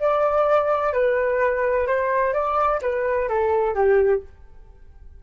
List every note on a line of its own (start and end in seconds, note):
0.00 0.93 D5
0.93 1.87 B4
1.87 2.33 C5
2.33 2.81 D5
2.82 3.29 B4
3.29 3.75 A4
3.75 4.22 G4